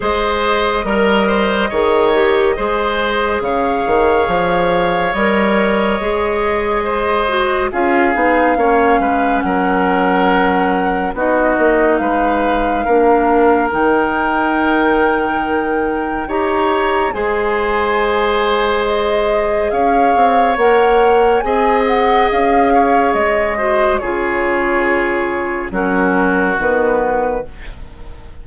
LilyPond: <<
  \new Staff \with { instrumentName = "flute" } { \time 4/4 \tempo 4 = 70 dis''1 | f''2 dis''2~ | dis''4 f''2 fis''4~ | fis''4 dis''4 f''2 |
g''2. ais''4 | gis''2 dis''4 f''4 | fis''4 gis''8 fis''8 f''4 dis''4 | cis''2 ais'4 b'4 | }
  \new Staff \with { instrumentName = "oboe" } { \time 4/4 c''4 ais'8 c''8 cis''4 c''4 | cis''1 | c''4 gis'4 cis''8 b'8 ais'4~ | ais'4 fis'4 b'4 ais'4~ |
ais'2. cis''4 | c''2. cis''4~ | cis''4 dis''4. cis''4 c''8 | gis'2 fis'2 | }
  \new Staff \with { instrumentName = "clarinet" } { \time 4/4 gis'4 ais'4 gis'8 g'8 gis'4~ | gis'2 ais'4 gis'4~ | gis'8 fis'8 f'8 dis'8 cis'2~ | cis'4 dis'2 d'4 |
dis'2. g'4 | gis'1 | ais'4 gis'2~ gis'8 fis'8 | f'2 cis'4 b4 | }
  \new Staff \with { instrumentName = "bassoon" } { \time 4/4 gis4 g4 dis4 gis4 | cis8 dis8 f4 g4 gis4~ | gis4 cis'8 b8 ais8 gis8 fis4~ | fis4 b8 ais8 gis4 ais4 |
dis2. dis'4 | gis2. cis'8 c'8 | ais4 c'4 cis'4 gis4 | cis2 fis4 dis4 | }
>>